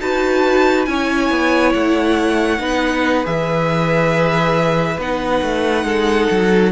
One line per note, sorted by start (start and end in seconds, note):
0.00 0.87 D#4
0.00 0.87 F#4
0.00 0.88 B4
0.00 0.86 A5
0.86 1.30 C#4
0.86 2.59 E4
0.86 2.61 C#5
0.86 1.72 G#5
1.30 1.74 B3
1.74 2.59 A3
1.74 3.26 F#5
2.59 3.24 B3
2.59 3.24 D#4
2.59 5.85 B4
3.24 4.98 E3
3.24 4.98 G#4
3.24 5.00 E5
4.98 5.41 B3
4.98 6.72 D#4
4.98 6.72 F#5
5.42 5.84 A3
5.84 6.28 G#3
5.84 6.72 A4
6.31 6.72 F#3